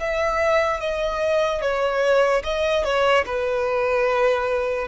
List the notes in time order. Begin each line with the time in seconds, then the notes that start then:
0.00 E5
0.80 D#5
1.62 C#5
2.44 D#5
2.84 C#5
3.26 B4